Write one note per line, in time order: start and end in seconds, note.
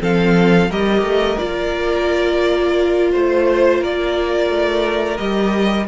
0.00 0.70 F3
0.00 0.69 C4
0.00 0.70 A4
0.00 0.71 F5
0.70 1.02 G3
0.70 1.37 G4
0.70 3.11 A#4
0.70 1.38 D#5
1.02 1.37 A3
1.37 3.14 A#3
1.37 5.17 F4
1.37 3.11 D5
3.12 3.81 A3
3.12 3.80 C5
3.12 3.83 C5
3.80 4.50 A#3
3.80 5.87 A#4
3.80 5.17 D5
4.50 5.19 A3
5.17 5.88 G3
5.17 5.87 G4
5.17 5.86 D#5